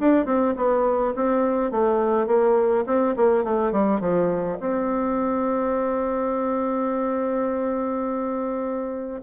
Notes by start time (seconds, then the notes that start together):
0.00 D4
0.26 C4
0.57 B3
1.16 C4
1.72 A3
2.27 A#3
2.87 C4
3.17 A#3
3.45 A3
3.73 G3
4.01 F3
4.60 C4